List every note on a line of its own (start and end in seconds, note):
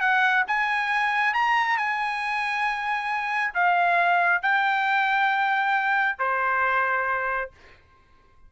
0.00 0.44 F#5
0.48 1.34 G#5
1.34 1.77 A#5
1.77 3.54 G#5
3.54 4.42 F5
4.42 6.18 G5
6.18 7.51 C5